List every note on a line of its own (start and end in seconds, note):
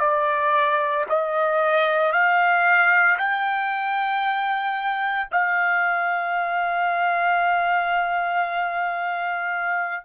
0.00 1.05 D5
1.09 2.12 D#5
2.12 3.18 F5
3.19 5.29 G5
5.32 10.05 F5